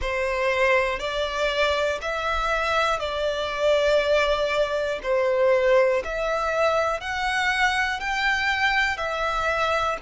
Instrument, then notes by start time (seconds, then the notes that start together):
violin
0.01 C5
0.99 D5
2.01 E5
2.99 D5
5.03 C5
6.04 E5
7.00 F#5
8.00 G5
8.97 E5